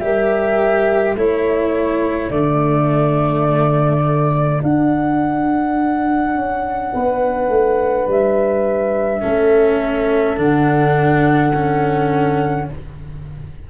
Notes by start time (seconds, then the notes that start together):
0.00 G3 G4 A#4 E5
1.15 A3 E4 A4 C#5
2.31 D3 A3 D5
4.62 D4 F#5
6.35 C#4
6.94 B3 B4
7.49 A3
8.08 G3 E5
9.22 A3 C#4 A4
10.37 D3 D4 F#5
11.55 C#4